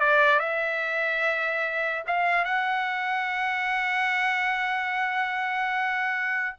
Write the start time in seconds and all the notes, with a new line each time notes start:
0.00 D5
0.40 E5
2.07 F5
2.45 F#5